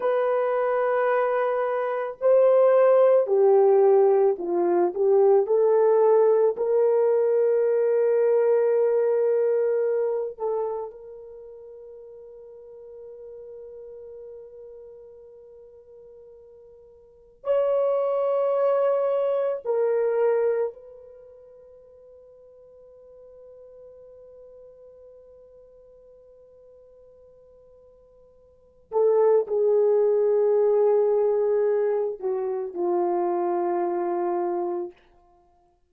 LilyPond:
\new Staff \with { instrumentName = "horn" } { \time 4/4 \tempo 4 = 55 b'2 c''4 g'4 | f'8 g'8 a'4 ais'2~ | ais'4. a'8 ais'2~ | ais'1 |
cis''2 ais'4 b'4~ | b'1~ | b'2~ b'8 a'8 gis'4~ | gis'4. fis'8 f'2 | }